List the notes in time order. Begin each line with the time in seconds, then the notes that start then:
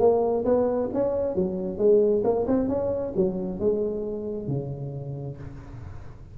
0.00 A#3
0.45 B3
0.94 C#4
1.36 F#3
1.79 G#3
2.24 A#3
2.47 C4
2.69 C#4
3.16 F#3
3.60 G#3
4.48 C#3